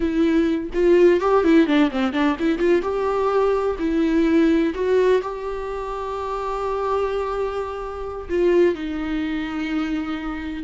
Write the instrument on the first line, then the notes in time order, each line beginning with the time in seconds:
viola
0.00 E4
0.73 F4
1.20 G4
1.44 E4
1.66 D4
1.90 C4
2.12 D4
2.39 E4
2.58 F4
2.82 G4
3.79 E4
4.74 F#4
5.21 G4
8.29 F4
8.74 D#4